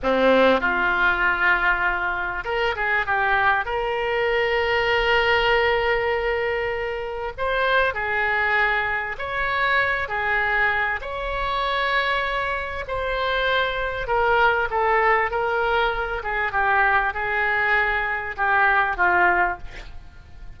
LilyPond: \new Staff \with { instrumentName = "oboe" } { \time 4/4 \tempo 4 = 98 c'4 f'2. | ais'8 gis'8 g'4 ais'2~ | ais'1 | c''4 gis'2 cis''4~ |
cis''8 gis'4. cis''2~ | cis''4 c''2 ais'4 | a'4 ais'4. gis'8 g'4 | gis'2 g'4 f'4 | }